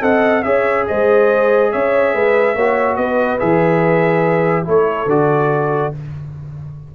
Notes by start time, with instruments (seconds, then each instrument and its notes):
0.00 tuba C4, trombone A4, horn D#5, trumpet F#5
0.42 tuba C#4, trombone G#4, horn C#5, trumpet E5
0.87 tuba G#3, horn C5, trumpet D#5
1.72 tuba C#4, horn C#5, trumpet E5
2.14 tuba G#3, horn B4
2.55 tuba A#3, trombone F#4, horn C#5
2.96 tuba B3, horn B4, trumpet D#5
3.39 tuba E3, trombone G#4, trumpet E5
4.64 tuba A3, trombone E4, horn A4, trumpet C#5
5.05 tuba D3, trombone F#4, trumpet D5